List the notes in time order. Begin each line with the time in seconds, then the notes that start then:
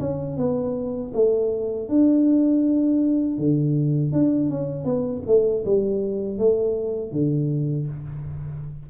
0.00 C#4
0.37 B3
1.14 A3
1.89 D4
3.38 D3
4.12 D4
4.50 C#4
4.85 B3
5.27 A3
5.65 G3
6.38 A3
7.12 D3